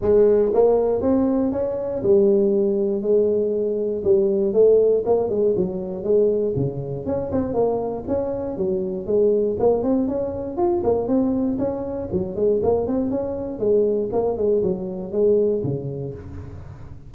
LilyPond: \new Staff \with { instrumentName = "tuba" } { \time 4/4 \tempo 4 = 119 gis4 ais4 c'4 cis'4 | g2 gis2 | g4 a4 ais8 gis8 fis4 | gis4 cis4 cis'8 c'8 ais4 |
cis'4 fis4 gis4 ais8 c'8 | cis'4 f'8 ais8 c'4 cis'4 | fis8 gis8 ais8 c'8 cis'4 gis4 | ais8 gis8 fis4 gis4 cis4 | }